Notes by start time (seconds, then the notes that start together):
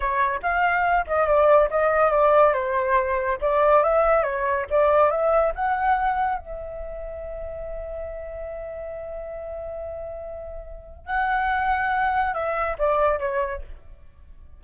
0.00 C#5
0.42 F5
1.07 D#5
1.26 D5
1.70 D#5
2.10 D5
2.53 C5
3.41 D5
3.83 E5
4.23 C#5
4.69 D5
5.10 E5
5.55 F#5
6.38 E5
11.06 F#5
12.34 E5
12.78 D5
13.19 C#5